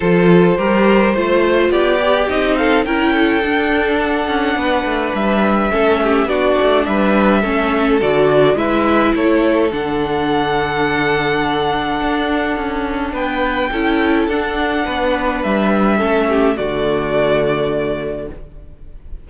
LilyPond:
<<
  \new Staff \with { instrumentName = "violin" } { \time 4/4 \tempo 4 = 105 c''2. d''4 | dis''8 f''8 g''2 fis''4~ | fis''4 e''2 d''4 | e''2 d''4 e''4 |
cis''4 fis''2.~ | fis''2. g''4~ | g''4 fis''2 e''4~ | e''4 d''2. | }
  \new Staff \with { instrumentName = "violin" } { \time 4/4 a'4 ais'4 c''4 g'4~ | g'8 a'8 ais'8 a'2~ a'8 | b'2 a'8 g'8 fis'4 | b'4 a'2 b'4 |
a'1~ | a'2. b'4 | a'2 b'2 | a'8 g'8 fis'2. | }
  \new Staff \with { instrumentName = "viola" } { \time 4/4 f'4 g'4 f'4. g'8 | dis'4 e'4 d'2~ | d'2 cis'4 d'4~ | d'4 cis'4 fis'4 e'4~ |
e'4 d'2.~ | d'1 | e'4 d'2. | cis'4 a2. | }
  \new Staff \with { instrumentName = "cello" } { \time 4/4 f4 g4 a4 b4 | c'4 cis'4 d'4. cis'8 | b8 a8 g4 a4 b8 a8 | g4 a4 d4 gis4 |
a4 d2.~ | d4 d'4 cis'4 b4 | cis'4 d'4 b4 g4 | a4 d2. | }
>>